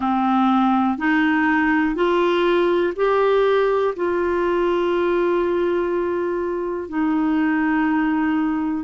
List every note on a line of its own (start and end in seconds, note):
0.00 0.97 C4
0.97 1.94 D#4
1.94 2.93 F4
2.96 3.94 G4
3.96 6.89 F4
6.89 8.84 D#4